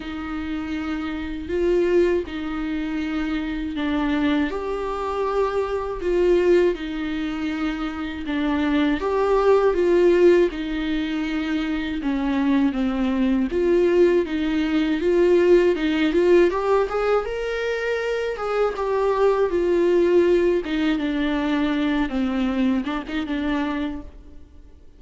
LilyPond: \new Staff \with { instrumentName = "viola" } { \time 4/4 \tempo 4 = 80 dis'2 f'4 dis'4~ | dis'4 d'4 g'2 | f'4 dis'2 d'4 | g'4 f'4 dis'2 |
cis'4 c'4 f'4 dis'4 | f'4 dis'8 f'8 g'8 gis'8 ais'4~ | ais'8 gis'8 g'4 f'4. dis'8 | d'4. c'4 d'16 dis'16 d'4 | }